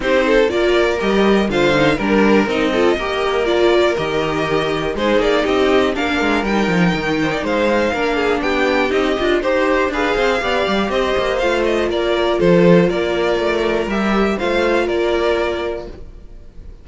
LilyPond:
<<
  \new Staff \with { instrumentName = "violin" } { \time 4/4 \tempo 4 = 121 c''4 d''4 dis''4 f''4 | ais'4 dis''2 d''4 | dis''2 c''8 d''8 dis''4 | f''4 g''2 f''4~ |
f''4 g''4 dis''4 c''4 | f''2 dis''4 f''8 dis''8 | d''4 c''4 d''2 | e''4 f''4 d''2 | }
  \new Staff \with { instrumentName = "violin" } { \time 4/4 g'8 a'8 ais'2 c''4 | ais'4. a'8 ais'2~ | ais'2 gis'4 g'4 | ais'2~ ais'8 c''16 d''16 c''4 |
ais'8 gis'8 g'2 c''4 | b'8 c''8 d''4 c''2 | ais'4 a'4 ais'2~ | ais'4 c''4 ais'2 | }
  \new Staff \with { instrumentName = "viola" } { \time 4/4 dis'4 f'4 g'4 f'8 dis'8 | d'4 dis'8 f'8 g'4 f'4 | g'2 dis'2 | d'4 dis'2. |
d'2 dis'8 f'8 g'4 | gis'4 g'2 f'4~ | f'1 | g'4 f'2. | }
  \new Staff \with { instrumentName = "cello" } { \time 4/4 c'4 ais4 g4 d4 | g4 c'4 ais2 | dis2 gis8 ais8 c'4 | ais8 gis8 g8 f8 dis4 gis4 |
ais4 b4 c'8 d'8 dis'4 | d'8 c'8 b8 g8 c'8 ais8 a4 | ais4 f4 ais4 a4 | g4 a4 ais2 | }
>>